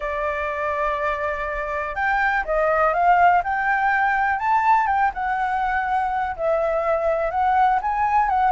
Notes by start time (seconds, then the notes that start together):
0.00 D5
1.95 G5
2.44 D#5
2.93 F5
3.43 G5
4.39 A5
4.86 G5
5.14 F#5
6.36 E5
7.30 F#5
7.81 G#5
8.29 F#5